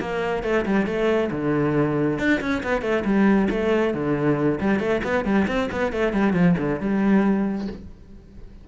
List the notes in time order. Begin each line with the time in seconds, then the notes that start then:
0.00 A#3
0.43 A3
0.65 G3
0.86 A3
1.31 D3
2.19 D4
2.41 C#4
2.63 B3
2.82 A3
3.05 G3
3.50 A3
3.94 D3
4.60 G3
4.80 A3
5.03 B3
5.25 G3
5.48 C4
5.71 B3
5.92 A3
6.13 G3
6.33 F3
6.58 D3
6.80 G3